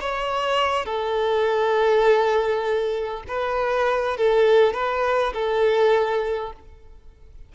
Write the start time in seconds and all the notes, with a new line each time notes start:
0.00 C#5
0.86 A4
3.28 B4
4.17 A4
4.74 B4
5.34 A4